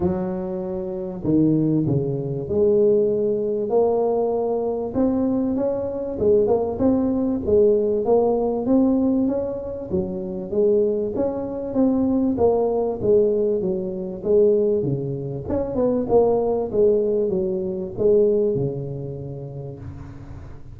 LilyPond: \new Staff \with { instrumentName = "tuba" } { \time 4/4 \tempo 4 = 97 fis2 dis4 cis4 | gis2 ais2 | c'4 cis'4 gis8 ais8 c'4 | gis4 ais4 c'4 cis'4 |
fis4 gis4 cis'4 c'4 | ais4 gis4 fis4 gis4 | cis4 cis'8 b8 ais4 gis4 | fis4 gis4 cis2 | }